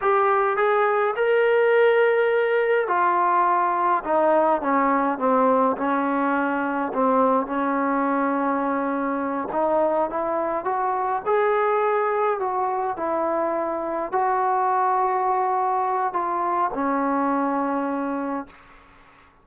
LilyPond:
\new Staff \with { instrumentName = "trombone" } { \time 4/4 \tempo 4 = 104 g'4 gis'4 ais'2~ | ais'4 f'2 dis'4 | cis'4 c'4 cis'2 | c'4 cis'2.~ |
cis'8 dis'4 e'4 fis'4 gis'8~ | gis'4. fis'4 e'4.~ | e'8 fis'2.~ fis'8 | f'4 cis'2. | }